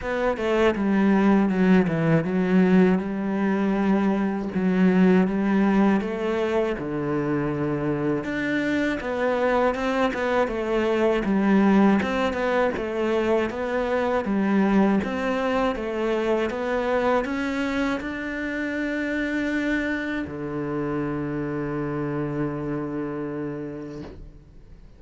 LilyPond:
\new Staff \with { instrumentName = "cello" } { \time 4/4 \tempo 4 = 80 b8 a8 g4 fis8 e8 fis4 | g2 fis4 g4 | a4 d2 d'4 | b4 c'8 b8 a4 g4 |
c'8 b8 a4 b4 g4 | c'4 a4 b4 cis'4 | d'2. d4~ | d1 | }